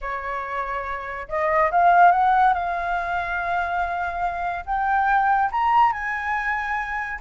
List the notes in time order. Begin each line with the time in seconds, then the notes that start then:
0.01 C#5
1.28 D#5
1.71 F5
2.11 F#5
2.53 F5
4.65 G5
5.51 A#5
5.92 G#5